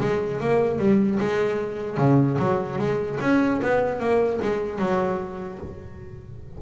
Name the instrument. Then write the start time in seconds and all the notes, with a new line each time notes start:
double bass
0.00 G#3
0.40 A#3
0.78 G3
1.19 G#3
1.97 C#3
2.38 F#3
2.78 G#3
3.20 C#4
3.61 B3
3.99 A#3
4.41 G#3
4.78 F#3